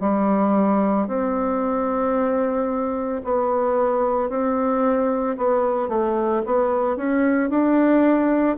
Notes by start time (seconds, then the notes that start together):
0.00 G3
1.08 C4
3.24 B3
4.30 C4
5.37 B3
5.88 A3
6.46 B3
6.96 C#4
7.50 D4